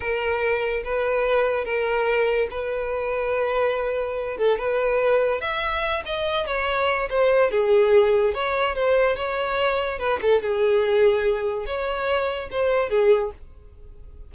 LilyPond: \new Staff \with { instrumentName = "violin" } { \time 4/4 \tempo 4 = 144 ais'2 b'2 | ais'2 b'2~ | b'2~ b'8 a'8 b'4~ | b'4 e''4. dis''4 cis''8~ |
cis''4 c''4 gis'2 | cis''4 c''4 cis''2 | b'8 a'8 gis'2. | cis''2 c''4 gis'4 | }